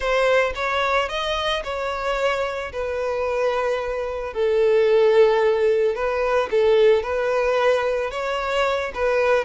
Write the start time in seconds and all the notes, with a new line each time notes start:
0.00 C5
0.55 C#5
1.08 D#5
1.64 C#5
2.72 B4
4.33 A4
5.95 B4
6.50 A4
7.03 B4
8.10 C#5
8.94 B4